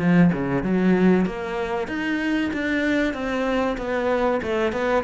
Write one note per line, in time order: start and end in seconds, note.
0.00 0.32 F3
0.33 0.64 C#3
0.64 1.26 F#3
1.26 1.88 A#3
1.88 2.51 D#4
2.54 3.14 D4
3.14 3.77 C4
3.78 4.42 B3
4.43 4.73 A3
4.73 5.04 B3